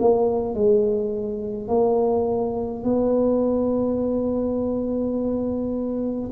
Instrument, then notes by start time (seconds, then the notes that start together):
tuba
0.00 A#3
0.55 G#3
1.68 A#3
2.84 B3